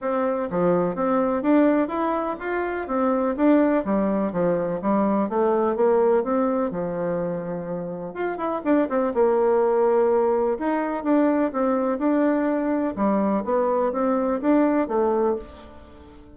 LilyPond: \new Staff \with { instrumentName = "bassoon" } { \time 4/4 \tempo 4 = 125 c'4 f4 c'4 d'4 | e'4 f'4 c'4 d'4 | g4 f4 g4 a4 | ais4 c'4 f2~ |
f4 f'8 e'8 d'8 c'8 ais4~ | ais2 dis'4 d'4 | c'4 d'2 g4 | b4 c'4 d'4 a4 | }